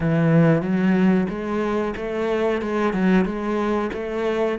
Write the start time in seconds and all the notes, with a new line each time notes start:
0.00 E3
0.61 F#3
1.29 G#3
1.96 A3
2.61 G#3
2.93 F#3
3.25 G#3
3.93 A3